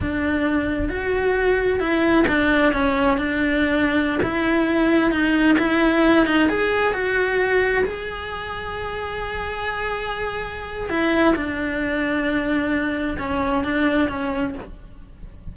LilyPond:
\new Staff \with { instrumentName = "cello" } { \time 4/4 \tempo 4 = 132 d'2 fis'2 | e'4 d'4 cis'4 d'4~ | d'4~ d'16 e'2 dis'8.~ | dis'16 e'4. dis'8 gis'4 fis'8.~ |
fis'4~ fis'16 gis'2~ gis'8.~ | gis'1 | e'4 d'2.~ | d'4 cis'4 d'4 cis'4 | }